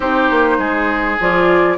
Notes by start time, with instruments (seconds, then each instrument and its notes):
0.00 bassoon C4, clarinet D#4, oboe G4, flute C5
0.30 bassoon A#3
0.58 bassoon G#3, oboe G#4
1.19 bassoon F3, clarinet F4, flute D5